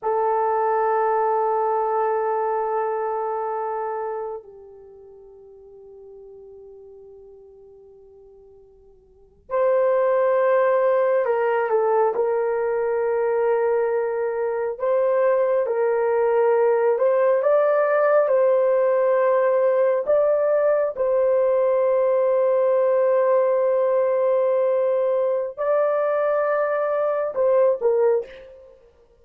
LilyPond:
\new Staff \with { instrumentName = "horn" } { \time 4/4 \tempo 4 = 68 a'1~ | a'4 g'2.~ | g'2~ g'8. c''4~ c''16~ | c''8. ais'8 a'8 ais'2~ ais'16~ |
ais'8. c''4 ais'4. c''8 d''16~ | d''8. c''2 d''4 c''16~ | c''1~ | c''4 d''2 c''8 ais'8 | }